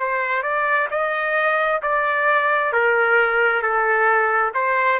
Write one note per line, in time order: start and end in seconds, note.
0.00 0.43 C5
0.43 0.88 D5
0.91 1.82 D#5
1.83 2.73 D5
2.73 3.62 A#4
3.62 4.53 A4
4.55 5.00 C5